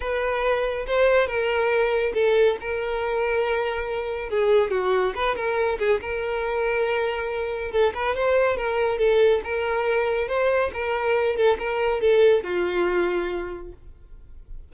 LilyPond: \new Staff \with { instrumentName = "violin" } { \time 4/4 \tempo 4 = 140 b'2 c''4 ais'4~ | ais'4 a'4 ais'2~ | ais'2 gis'4 fis'4 | b'8 ais'4 gis'8 ais'2~ |
ais'2 a'8 b'8 c''4 | ais'4 a'4 ais'2 | c''4 ais'4. a'8 ais'4 | a'4 f'2. | }